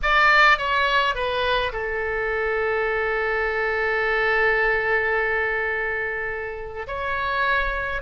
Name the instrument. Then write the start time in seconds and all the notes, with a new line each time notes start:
oboe
0.02 D5
0.58 C#5
1.15 B4
1.72 A4
6.87 C#5